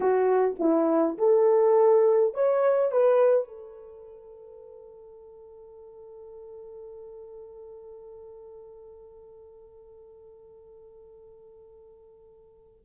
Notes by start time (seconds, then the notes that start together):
0.00 F#4
0.59 E4
1.18 A4
2.34 C#5
2.91 B4
3.48 A4